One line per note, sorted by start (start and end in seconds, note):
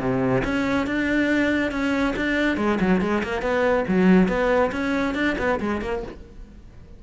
0.00 0.43 C3
0.44 0.87 C#4
0.87 1.71 D4
1.71 2.14 C#4
2.16 2.57 D4
2.57 2.79 G#3
2.80 3.01 F#3
3.01 3.23 G#3
3.24 3.42 A#3
3.42 3.85 B3
3.88 4.28 F#3
4.28 4.71 B3
4.72 5.15 C#4
5.15 5.36 D4
5.38 5.60 B3
5.60 5.82 G#3
5.82 6.03 A#3